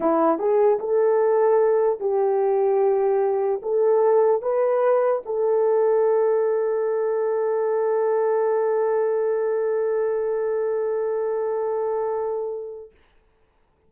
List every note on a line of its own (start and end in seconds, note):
0.00 0.38 E4
0.38 0.79 G#4
0.79 2.00 A4
2.00 3.61 G4
3.62 4.41 A4
4.41 5.22 B4
5.25 12.90 A4